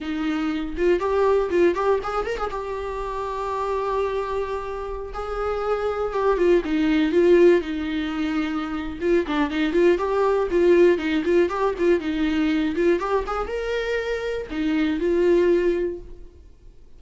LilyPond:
\new Staff \with { instrumentName = "viola" } { \time 4/4 \tempo 4 = 120 dis'4. f'8 g'4 f'8 g'8 | gis'8 ais'16 gis'16 g'2.~ | g'2~ g'16 gis'4.~ gis'16~ | gis'16 g'8 f'8 dis'4 f'4 dis'8.~ |
dis'2 f'8 d'8 dis'8 f'8 | g'4 f'4 dis'8 f'8 g'8 f'8 | dis'4. f'8 g'8 gis'8 ais'4~ | ais'4 dis'4 f'2 | }